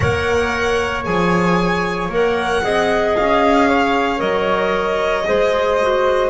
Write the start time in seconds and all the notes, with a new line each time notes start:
0.00 A#3 A#4 C#5 F#5
1.04 F3 G#4 G#5
2.09 A#3 A#4 F#5
2.62 C4 G#4 D#5
3.16 C#4 F5
3.68 C#5
4.17 F#3 A#4 D#5
5.24 G#3 G#4 C5
5.81 F#4